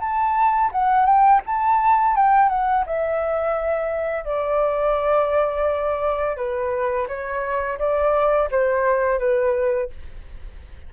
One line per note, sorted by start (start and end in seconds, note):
0.00 0.71 A5
0.72 1.06 F#5
1.06 1.41 G5
1.46 2.16 A5
2.16 2.49 G5
2.49 2.84 F#5
2.86 4.25 E5
4.25 6.37 D5
6.37 7.07 B4
7.08 7.78 C#5
7.78 8.49 D5
8.51 9.19 C5
9.19 9.90 B4